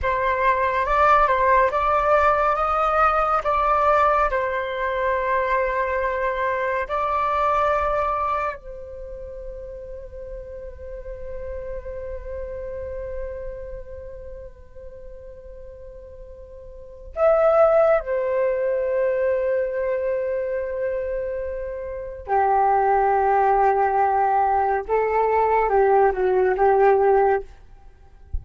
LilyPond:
\new Staff \with { instrumentName = "flute" } { \time 4/4 \tempo 4 = 70 c''4 d''8 c''8 d''4 dis''4 | d''4 c''2. | d''2 c''2~ | c''1~ |
c''1 | e''4 c''2.~ | c''2 g'2~ | g'4 a'4 g'8 fis'8 g'4 | }